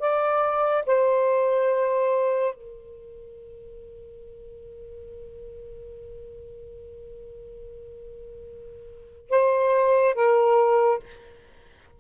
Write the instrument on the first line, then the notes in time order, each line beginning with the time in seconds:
saxophone
0.00 D5
0.86 C5
2.55 A#4
9.30 C5
10.14 A#4